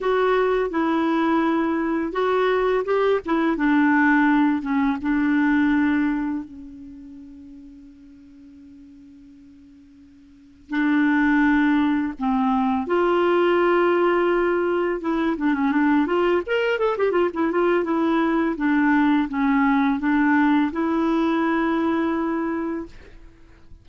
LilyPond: \new Staff \with { instrumentName = "clarinet" } { \time 4/4 \tempo 4 = 84 fis'4 e'2 fis'4 | g'8 e'8 d'4. cis'8 d'4~ | d'4 cis'2.~ | cis'2. d'4~ |
d'4 c'4 f'2~ | f'4 e'8 d'16 cis'16 d'8 f'8 ais'8 a'16 g'16 | f'16 e'16 f'8 e'4 d'4 cis'4 | d'4 e'2. | }